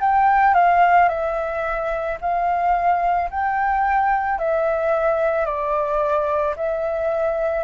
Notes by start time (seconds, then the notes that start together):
0.00 G5
0.54 F5
1.08 E5
2.21 F5
3.30 G5
4.38 E5
5.45 D5
6.56 E5